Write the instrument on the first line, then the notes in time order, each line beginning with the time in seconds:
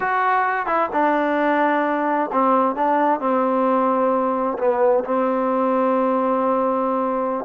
trombone
0.00 F#4
0.66 E4
0.92 D4
2.32 C4
2.75 D4
3.20 C4
4.58 B3
5.04 C4